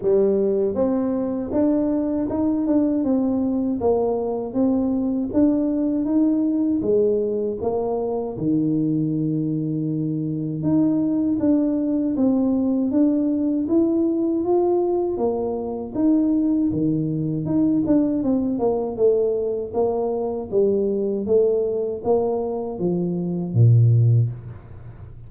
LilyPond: \new Staff \with { instrumentName = "tuba" } { \time 4/4 \tempo 4 = 79 g4 c'4 d'4 dis'8 d'8 | c'4 ais4 c'4 d'4 | dis'4 gis4 ais4 dis4~ | dis2 dis'4 d'4 |
c'4 d'4 e'4 f'4 | ais4 dis'4 dis4 dis'8 d'8 | c'8 ais8 a4 ais4 g4 | a4 ais4 f4 ais,4 | }